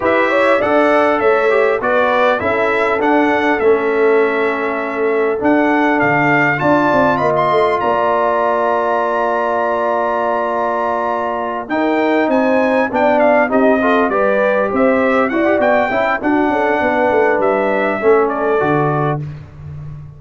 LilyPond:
<<
  \new Staff \with { instrumentName = "trumpet" } { \time 4/4 \tempo 4 = 100 e''4 fis''4 e''4 d''4 | e''4 fis''4 e''2~ | e''4 fis''4 f''4 a''4 | b''16 c'''8. ais''2.~ |
ais''2.~ ais''8 g''8~ | g''8 gis''4 g''8 f''8 dis''4 d''8~ | d''8 e''4 fis''8 g''4 fis''4~ | fis''4 e''4. d''4. | }
  \new Staff \with { instrumentName = "horn" } { \time 4/4 b'8 cis''8 d''4 cis''4 b'4 | a'1~ | a'2. d''4 | dis''4 d''2.~ |
d''2.~ d''8 ais'8~ | ais'8 c''4 d''4 g'8 a'8 b'8~ | b'8 c''4 d''4 e''8 fis'8 a'8 | b'2 a'2 | }
  \new Staff \with { instrumentName = "trombone" } { \time 4/4 g'4 a'4. g'8 fis'4 | e'4 d'4 cis'2~ | cis'4 d'2 f'4~ | f'1~ |
f'2.~ f'8 dis'8~ | dis'4. d'4 dis'8 f'8 g'8~ | g'4. fis'16 g'16 fis'8 e'8 d'4~ | d'2 cis'4 fis'4 | }
  \new Staff \with { instrumentName = "tuba" } { \time 4/4 e'4 d'4 a4 b4 | cis'4 d'4 a2~ | a4 d'4 d4 d'8 c'8 | ais8 a8 ais2.~ |
ais2.~ ais8 dis'8~ | dis'8 c'4 b4 c'4 g8~ | g8 c'4 e'8 b8 cis'8 d'8 cis'8 | b8 a8 g4 a4 d4 | }
>>